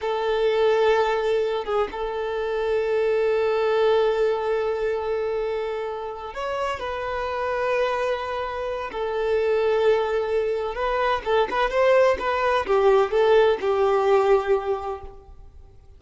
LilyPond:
\new Staff \with { instrumentName = "violin" } { \time 4/4 \tempo 4 = 128 a'2.~ a'8 gis'8 | a'1~ | a'1~ | a'4. cis''4 b'4.~ |
b'2. a'4~ | a'2. b'4 | a'8 b'8 c''4 b'4 g'4 | a'4 g'2. | }